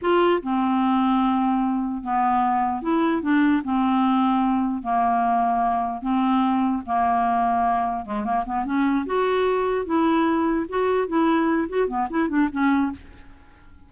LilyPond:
\new Staff \with { instrumentName = "clarinet" } { \time 4/4 \tempo 4 = 149 f'4 c'2.~ | c'4 b2 e'4 | d'4 c'2. | ais2. c'4~ |
c'4 ais2. | gis8 ais8 b8 cis'4 fis'4.~ | fis'8 e'2 fis'4 e'8~ | e'4 fis'8 b8 e'8 d'8 cis'4 | }